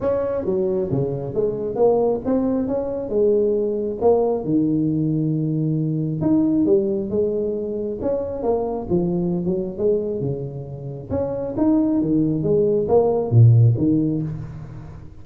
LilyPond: \new Staff \with { instrumentName = "tuba" } { \time 4/4 \tempo 4 = 135 cis'4 fis4 cis4 gis4 | ais4 c'4 cis'4 gis4~ | gis4 ais4 dis2~ | dis2 dis'4 g4 |
gis2 cis'4 ais4 | f4~ f16 fis8. gis4 cis4~ | cis4 cis'4 dis'4 dis4 | gis4 ais4 ais,4 dis4 | }